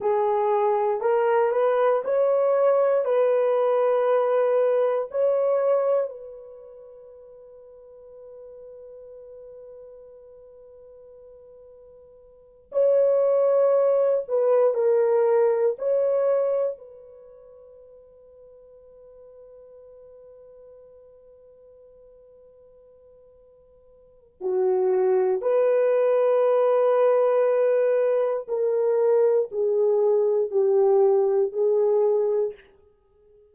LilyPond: \new Staff \with { instrumentName = "horn" } { \time 4/4 \tempo 4 = 59 gis'4 ais'8 b'8 cis''4 b'4~ | b'4 cis''4 b'2~ | b'1~ | b'8 cis''4. b'8 ais'4 cis''8~ |
cis''8 b'2.~ b'8~ | b'1 | fis'4 b'2. | ais'4 gis'4 g'4 gis'4 | }